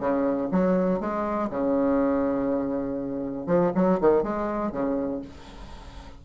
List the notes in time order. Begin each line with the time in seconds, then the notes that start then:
0.00 C#3
0.51 F#3
1.00 G#3
1.50 C#3
3.47 F3
3.75 F#3
4.01 D#3
4.23 G#3
4.72 C#3